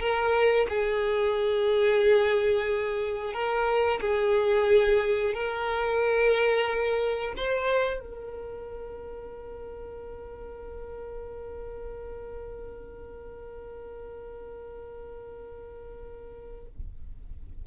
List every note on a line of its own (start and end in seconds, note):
0.00 0.67 A#4
0.69 3.34 G#4
3.34 4.00 A#4
4.01 5.34 G#4
5.34 7.34 A#4
7.37 8.00 C5
8.00 16.67 A#4